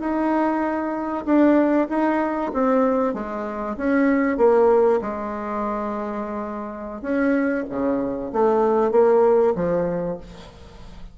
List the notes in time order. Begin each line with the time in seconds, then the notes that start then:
0.00 D#4
1.26 D4
1.89 D#4
2.54 C4
3.14 G#3
3.77 C#4
4.38 A#3
5.01 G#3
7.02 C#4
7.69 C#3
8.33 A3
8.92 A#3
9.56 F3